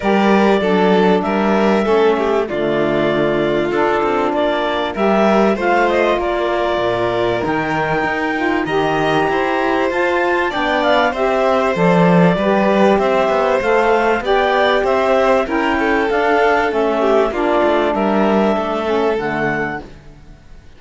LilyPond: <<
  \new Staff \with { instrumentName = "clarinet" } { \time 4/4 \tempo 4 = 97 d''2 e''2 | d''2 a'4 d''4 | e''4 f''8 dis''8 d''2 | g''2 ais''2 |
a''4 g''8 f''8 e''4 d''4~ | d''4 e''4 f''4 g''4 | e''4 g''4 f''4 e''4 | d''4 e''2 fis''4 | }
  \new Staff \with { instrumentName = "violin" } { \time 4/4 ais'4 a'4 ais'4 a'8 g'8 | f'1 | ais'4 c''4 ais'2~ | ais'2 dis''4 c''4~ |
c''4 d''4 c''2 | b'4 c''2 d''4 | c''4 ais'8 a'2 g'8 | f'4 ais'4 a'2 | }
  \new Staff \with { instrumentName = "saxophone" } { \time 4/4 g'4 d'2 cis'4 | a2 d'2 | g'4 f'2. | dis'4. f'8 g'2 |
f'4 d'4 g'4 a'4 | g'2 a'4 g'4~ | g'4 e'4 d'4 cis'4 | d'2~ d'8 cis'8 a4 | }
  \new Staff \with { instrumentName = "cello" } { \time 4/4 g4 fis4 g4 a4 | d2 d'8 c'8 ais4 | g4 a4 ais4 ais,4 | dis4 dis'4 dis4 e'4 |
f'4 b4 c'4 f4 | g4 c'8 b8 a4 b4 | c'4 cis'4 d'4 a4 | ais8 a8 g4 a4 d4 | }
>>